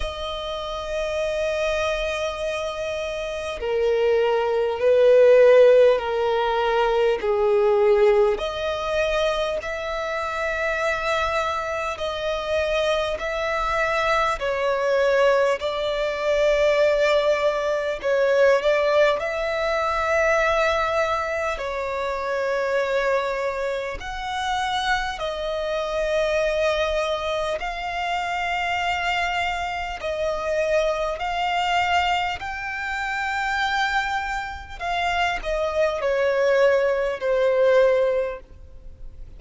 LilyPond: \new Staff \with { instrumentName = "violin" } { \time 4/4 \tempo 4 = 50 dis''2. ais'4 | b'4 ais'4 gis'4 dis''4 | e''2 dis''4 e''4 | cis''4 d''2 cis''8 d''8 |
e''2 cis''2 | fis''4 dis''2 f''4~ | f''4 dis''4 f''4 g''4~ | g''4 f''8 dis''8 cis''4 c''4 | }